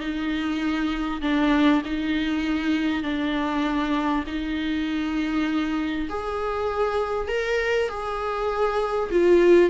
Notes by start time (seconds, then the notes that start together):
0.00 D#4
1.22 D4
1.85 D#4
3.03 D4
4.27 D#4
6.10 G#4
7.28 A#4
7.89 G#4
9.11 F4